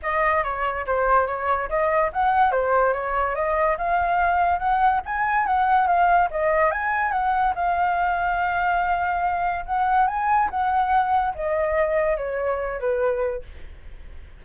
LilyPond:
\new Staff \with { instrumentName = "flute" } { \time 4/4 \tempo 4 = 143 dis''4 cis''4 c''4 cis''4 | dis''4 fis''4 c''4 cis''4 | dis''4 f''2 fis''4 | gis''4 fis''4 f''4 dis''4 |
gis''4 fis''4 f''2~ | f''2. fis''4 | gis''4 fis''2 dis''4~ | dis''4 cis''4. b'4. | }